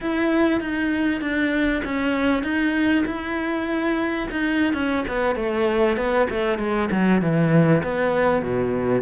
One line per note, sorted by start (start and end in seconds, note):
0.00 0.60 E4
0.60 1.21 D#4
1.21 1.82 D4
1.84 2.43 C#4
2.43 3.04 D#4
3.06 4.28 E4
4.31 4.73 D#4
4.73 5.04 C#4
5.08 5.35 B3
5.35 5.96 A3
5.97 6.27 B3
6.29 6.58 A3
6.58 6.89 G#3
6.91 7.21 F#3
7.21 7.83 E3
7.83 8.42 B3
8.42 9.01 B2